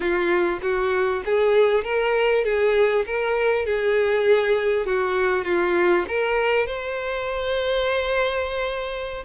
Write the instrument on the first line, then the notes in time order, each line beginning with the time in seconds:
violin
0.00 F4
0.62 F#4
1.25 G#4
1.83 A#4
2.44 G#4
3.06 A#4
3.65 G#4
4.85 F#4
5.44 F4
6.07 A#4
6.66 C5